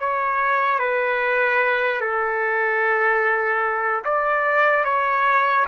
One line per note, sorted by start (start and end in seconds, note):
0.00 0.80 C#5
0.80 2.01 B4
2.01 4.04 A4
4.05 4.85 D5
4.85 5.66 C#5